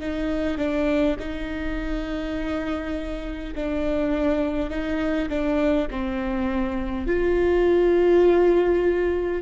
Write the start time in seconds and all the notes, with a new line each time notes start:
0.00 D#4
0.58 D4
1.19 D#4
3.55 D4
4.70 D#4
5.29 D4
5.90 C4
7.07 F4